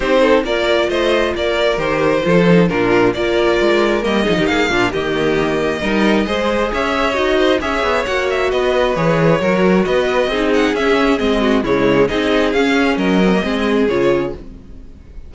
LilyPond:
<<
  \new Staff \with { instrumentName = "violin" } { \time 4/4 \tempo 4 = 134 c''4 d''4 dis''4 d''4 | c''2 ais'4 d''4~ | d''4 dis''4 f''4 dis''4~ | dis''2. e''4 |
dis''4 e''4 fis''8 e''8 dis''4 | cis''2 dis''4. fis''8 | e''4 dis''4 cis''4 dis''4 | f''4 dis''2 cis''4 | }
  \new Staff \with { instrumentName = "violin" } { \time 4/4 g'8 a'8 ais'4 c''4 ais'4~ | ais'4 a'4 f'4 ais'4~ | ais'4. gis'16 g'16 gis'8 f'8 g'4~ | g'4 ais'4 c''4 cis''4~ |
cis''8 c''8 cis''2 b'4~ | b'4 ais'4 b'4 gis'4~ | gis'4. fis'8 e'4 gis'4~ | gis'4 ais'4 gis'2 | }
  \new Staff \with { instrumentName = "viola" } { \time 4/4 dis'4 f'2. | g'4 f'8 dis'8 d'4 f'4~ | f'4 ais8 dis'4 d'8 ais4~ | ais4 dis'4 gis'2 |
fis'4 gis'4 fis'2 | gis'4 fis'2 dis'4 | cis'4 c'4 gis4 dis'4 | cis'4. c'16 ais16 c'4 f'4 | }
  \new Staff \with { instrumentName = "cello" } { \time 4/4 c'4 ais4 a4 ais4 | dis4 f4 ais,4 ais4 | gis4 g8 f16 dis16 ais8 ais,8 dis4~ | dis4 g4 gis4 cis'4 |
dis'4 cis'8 b8 ais4 b4 | e4 fis4 b4 c'4 | cis'4 gis4 cis4 c'4 | cis'4 fis4 gis4 cis4 | }
>>